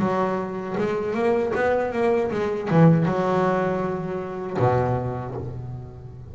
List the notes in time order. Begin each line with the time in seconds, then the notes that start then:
0.00 F#3
0.78 G#3
1.14 A#3
1.55 B3
1.92 A#3
2.31 G#3
2.70 E3
3.06 F#3
4.59 B2